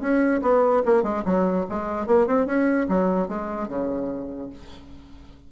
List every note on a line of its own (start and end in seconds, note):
0.00 0.41 C#4
0.42 0.82 B3
0.85 1.03 A#3
1.03 1.23 G#3
1.25 1.66 F#3
1.69 2.06 G#3
2.06 2.27 A#3
2.27 2.46 C4
2.46 2.87 C#4
2.88 3.28 F#3
3.28 3.68 G#3
3.68 4.50 C#3